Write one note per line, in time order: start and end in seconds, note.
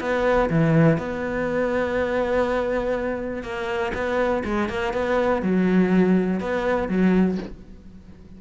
0.00 0.49 B3
0.50 0.98 E3
0.98 3.43 B3
3.43 3.92 A#3
3.94 4.44 B3
4.45 4.69 G#3
4.69 4.93 A#3
4.93 5.42 B3
5.42 6.40 F#3
6.40 6.89 B3
6.89 7.38 F#3